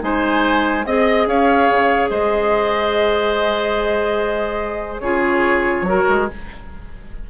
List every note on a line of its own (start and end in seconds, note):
0.00 0.86 G#3
0.00 0.83 D#4
0.00 0.87 C5
0.00 0.86 G#5
0.86 1.27 C4
0.86 5.04 G#4
0.86 1.28 D#5
1.27 1.69 C#4
1.27 2.10 C#5
1.27 2.10 F5
1.70 2.10 C#3
2.10 5.01 G#3
2.10 5.02 C5
2.10 4.99 D#5
4.99 5.82 C#3
4.99 5.87 F4
4.99 5.86 G#4
4.99 6.24 C#5
5.82 6.03 F#3
5.82 6.29 F#4
5.89 6.30 A#4
6.09 6.30 G#3